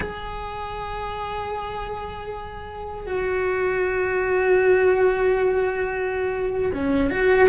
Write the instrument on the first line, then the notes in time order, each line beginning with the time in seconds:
cello
0.00 G#4
3.06 F#4
6.73 C#4
7.10 F#4